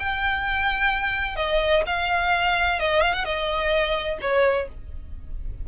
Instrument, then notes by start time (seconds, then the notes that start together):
violin
0.00 G5
1.36 D#5
1.87 F5
2.80 D#5
3.01 F5
3.14 F#5
3.25 D#5
4.21 C#5